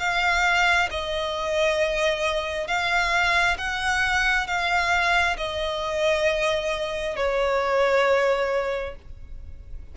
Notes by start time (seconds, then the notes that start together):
0.00 F5
0.91 D#5
2.68 F5
3.58 F#5
4.47 F5
5.38 D#5
7.16 C#5